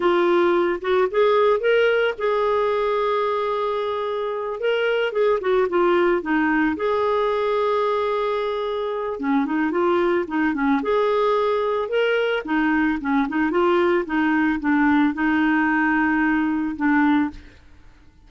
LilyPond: \new Staff \with { instrumentName = "clarinet" } { \time 4/4 \tempo 4 = 111 f'4. fis'8 gis'4 ais'4 | gis'1~ | gis'8 ais'4 gis'8 fis'8 f'4 dis'8~ | dis'8 gis'2.~ gis'8~ |
gis'4 cis'8 dis'8 f'4 dis'8 cis'8 | gis'2 ais'4 dis'4 | cis'8 dis'8 f'4 dis'4 d'4 | dis'2. d'4 | }